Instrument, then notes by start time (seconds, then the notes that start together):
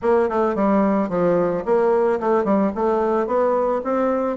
bassoon
0.01 A#3
0.29 A3
0.55 G3
1.09 F3
1.65 A#3
2.20 A3
2.44 G3
2.75 A3
3.27 B3
3.84 C4